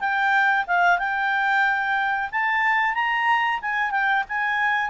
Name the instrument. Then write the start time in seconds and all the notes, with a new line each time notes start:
clarinet
0.00 G5
0.67 F5
0.99 G5
2.32 A5
2.94 A#5
3.62 G#5
3.91 G5
4.29 G#5